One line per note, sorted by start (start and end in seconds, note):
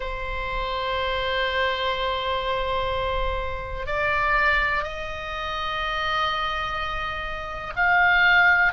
0.00 3.86 C5
3.86 4.83 D5
4.83 7.73 D#5
7.76 8.72 F5